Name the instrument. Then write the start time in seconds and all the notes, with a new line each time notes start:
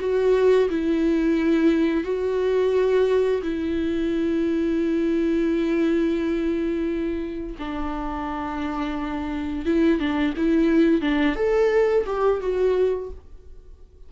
viola
0.00 F#4
0.70 E4
2.04 F#4
3.42 E4
7.59 D4
9.66 E4
10.00 D4
10.37 E4
11.01 D4
11.36 A4
12.06 G4
12.41 F#4